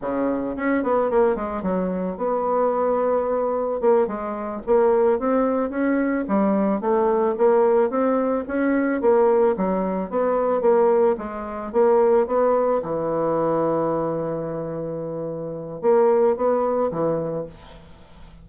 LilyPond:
\new Staff \with { instrumentName = "bassoon" } { \time 4/4 \tempo 4 = 110 cis4 cis'8 b8 ais8 gis8 fis4 | b2. ais8 gis8~ | gis8 ais4 c'4 cis'4 g8~ | g8 a4 ais4 c'4 cis'8~ |
cis'8 ais4 fis4 b4 ais8~ | ais8 gis4 ais4 b4 e8~ | e1~ | e4 ais4 b4 e4 | }